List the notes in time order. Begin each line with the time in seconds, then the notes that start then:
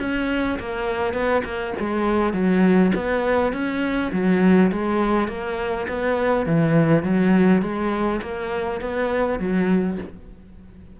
0.00 C#4
0.59 A#3
1.14 B3
1.45 A#3
1.80 G#3
2.34 F#3
2.96 B3
3.53 C#4
4.13 F#3
4.72 G#3
5.28 A#3
5.89 B3
6.46 E3
7.03 F#3
7.62 G#3
8.22 A#3
8.81 B3
9.40 F#3